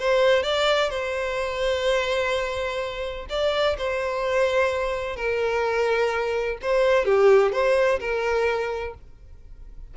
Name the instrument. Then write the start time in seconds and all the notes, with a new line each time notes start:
violin
0.00 C5
0.44 D5
0.90 C5
3.30 D5
3.78 C5
5.17 A#4
6.62 C5
7.06 G4
7.53 C5
8.00 A#4